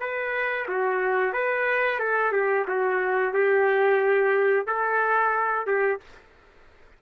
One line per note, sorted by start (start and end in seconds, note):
0.00 0.67 B4
0.68 1.33 F#4
1.33 1.99 B4
1.99 2.32 A4
2.32 2.65 G4
2.68 3.33 F#4
3.33 4.66 G4
4.67 5.67 A4
5.67 6.00 G4